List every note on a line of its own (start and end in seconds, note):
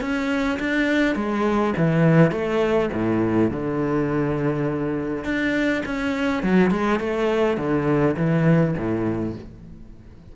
0.00 0.58 C#4
0.59 1.15 D4
1.15 1.73 G#3
1.76 2.31 E3
2.31 2.89 A3
2.93 3.50 A2
3.50 5.24 D3
5.24 5.82 D4
5.85 6.43 C#4
6.43 6.70 F#3
6.70 6.99 G#3
6.99 7.57 A3
7.57 8.15 D3
8.16 8.74 E3
8.77 9.35 A2